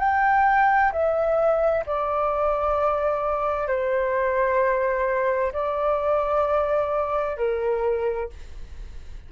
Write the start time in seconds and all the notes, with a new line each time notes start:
0.00 G5
0.92 E5
1.86 D5
3.68 C5
5.53 D5
7.37 A#4